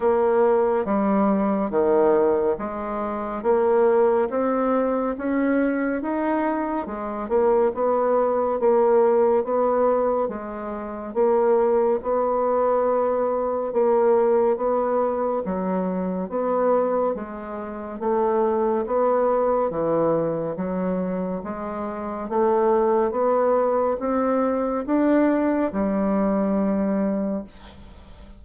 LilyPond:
\new Staff \with { instrumentName = "bassoon" } { \time 4/4 \tempo 4 = 70 ais4 g4 dis4 gis4 | ais4 c'4 cis'4 dis'4 | gis8 ais8 b4 ais4 b4 | gis4 ais4 b2 |
ais4 b4 fis4 b4 | gis4 a4 b4 e4 | fis4 gis4 a4 b4 | c'4 d'4 g2 | }